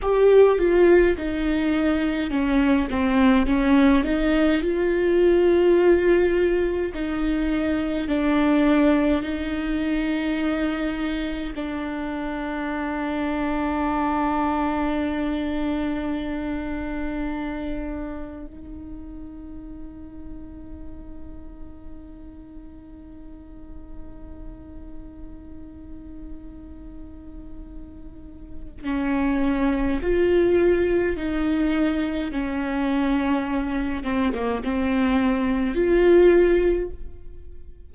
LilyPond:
\new Staff \with { instrumentName = "viola" } { \time 4/4 \tempo 4 = 52 g'8 f'8 dis'4 cis'8 c'8 cis'8 dis'8 | f'2 dis'4 d'4 | dis'2 d'2~ | d'1 |
dis'1~ | dis'1~ | dis'4 cis'4 f'4 dis'4 | cis'4. c'16 ais16 c'4 f'4 | }